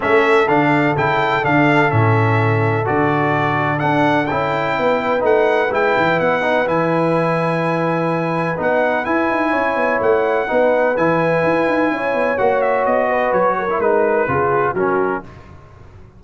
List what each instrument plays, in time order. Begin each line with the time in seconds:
0.00 tuba A3, trombone C#4, horn A4, trumpet E5
0.48 tuba D3, trombone D4, trumpet F5
0.96 tuba C#3, trombone E4, trumpet G5
1.42 tuba D3, trombone D4, trumpet F5
1.89 tuba A2, trombone C#4, trumpet E5
2.85 tuba D3, trombone F#4, trumpet D5
3.78 trombone D4, tuba D4, trumpet F#5
4.26 tuba C#4, trombone E4, trumpet G5
4.77 tuba B3, horn B4
5.19 tuba A3, trombone D#4, trumpet F#5
5.71 tuba G#3, trombone E4, trumpet G5
5.96 tuba E3
6.19 tuba B3, trumpet F#5
6.41 trombone D#4
6.65 tuba E3, trombone E4, trumpet G#5
8.57 tuba B3, trombone D#4, trumpet F#5
9.04 trombone E4, tuba E4, trumpet G#5
9.30 tuba D#4
9.50 tuba C#4, horn C#5
9.76 tuba B3
10.00 tuba A3, trumpet F#5
10.47 tuba B3, trombone D#4, horn B4
10.96 tuba E3, trombone E4, trumpet G#5
11.43 tuba E4
11.67 tuba D#4
11.90 tuba C#4, horn C#5
12.13 tuba B3
12.37 tuba A#3, trombone F#4, trumpet F#5
12.61 trumpet E5
12.85 tuba B3, trumpet D#5
13.09 horn B4
13.32 tuba F#3, trumpet C#5
13.58 horn A#4
13.70 trombone E4
13.78 tuba G#3, trombone D#4, trumpet B4
14.28 tuba C#3, trombone F4, horn G#4
14.74 tuba F#3, trombone C#4, horn F#4, trumpet A#4